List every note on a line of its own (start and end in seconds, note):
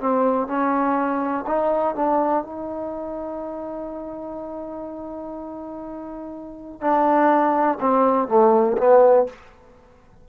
0.00 0.47 C4
0.47 1.45 C#4
1.47 1.95 D#4
1.95 2.44 D4
2.44 6.81 D#4
6.81 7.78 D4
7.80 8.28 C4
8.28 8.76 A3
8.78 9.26 B3